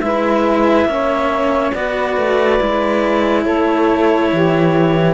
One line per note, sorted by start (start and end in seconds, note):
0.00 0.85 G#3
0.00 0.88 E4
0.00 0.88 B4
0.00 1.71 E5
0.85 1.71 A#3
0.85 1.74 C#4
0.85 1.76 C#5
1.73 2.17 B3
1.73 2.60 F#4
1.73 3.43 B4
1.73 3.44 D5
2.17 2.60 A3
2.60 3.46 G#3
2.60 5.14 E4
3.43 4.31 A3
3.43 4.29 A4
3.43 5.14 C#5
4.32 5.14 E3
4.32 5.14 G4